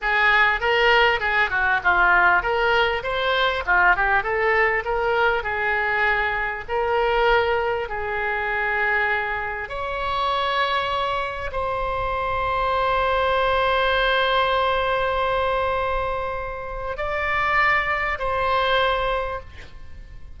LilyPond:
\new Staff \with { instrumentName = "oboe" } { \time 4/4 \tempo 4 = 99 gis'4 ais'4 gis'8 fis'8 f'4 | ais'4 c''4 f'8 g'8 a'4 | ais'4 gis'2 ais'4~ | ais'4 gis'2. |
cis''2. c''4~ | c''1~ | c''1 | d''2 c''2 | }